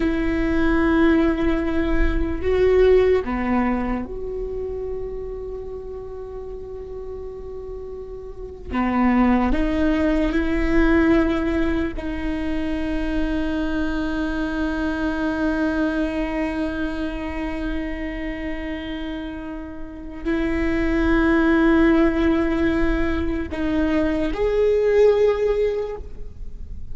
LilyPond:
\new Staff \with { instrumentName = "viola" } { \time 4/4 \tempo 4 = 74 e'2. fis'4 | b4 fis'2.~ | fis'2~ fis'8. b4 dis'16~ | dis'8. e'2 dis'4~ dis'16~ |
dis'1~ | dis'1~ | dis'4 e'2.~ | e'4 dis'4 gis'2 | }